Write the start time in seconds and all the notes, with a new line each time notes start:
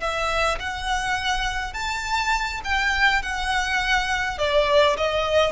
0.00 E5
0.59 F#5
1.73 A5
2.64 G5
3.22 F#5
4.38 D5
4.97 D#5